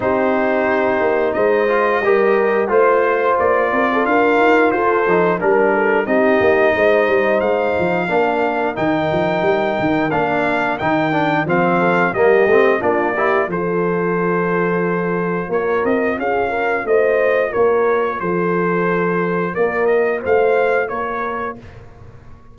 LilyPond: <<
  \new Staff \with { instrumentName = "trumpet" } { \time 4/4 \tempo 4 = 89 c''2 dis''2 | c''4 d''4 f''4 c''4 | ais'4 dis''2 f''4~ | f''4 g''2 f''4 |
g''4 f''4 dis''4 d''4 | c''2. cis''8 dis''8 | f''4 dis''4 cis''4 c''4~ | c''4 d''8 dis''8 f''4 cis''4 | }
  \new Staff \with { instrumentName = "horn" } { \time 4/4 g'2 c''4 ais'4 | c''4. ais'16 a'16 ais'4 a'4 | ais'8 a'8 g'4 c''2 | ais'1~ |
ais'4. a'8 g'4 f'8 g'8 | a'2. ais'4 | gis'8 ais'8 c''4 ais'4 a'4~ | a'4 ais'4 c''4 ais'4 | }
  \new Staff \with { instrumentName = "trombone" } { \time 4/4 dis'2~ dis'8 f'8 g'4 | f'2.~ f'8 dis'8 | d'4 dis'2. | d'4 dis'2 d'4 |
dis'8 d'8 c'4 ais8 c'8 d'8 e'8 | f'1~ | f'1~ | f'1 | }
  \new Staff \with { instrumentName = "tuba" } { \time 4/4 c'4. ais8 gis4 g4 | a4 ais8 c'8 d'8 dis'8 f'8 f8 | g4 c'8 ais8 gis8 g8 gis8 f8 | ais4 dis8 f8 g8 dis8 ais4 |
dis4 f4 g8 a8 ais4 | f2. ais8 c'8 | cis'4 a4 ais4 f4~ | f4 ais4 a4 ais4 | }
>>